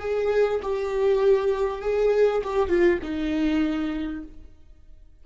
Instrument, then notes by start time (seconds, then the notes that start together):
viola
0.00 G#4
0.63 G4
1.82 G#4
2.44 G4
2.69 F4
3.02 D#4